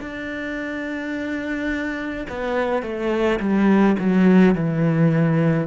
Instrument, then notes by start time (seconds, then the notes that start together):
cello
0.00 D4
2.29 B3
2.83 A3
3.40 G3
3.99 F#3
4.55 E3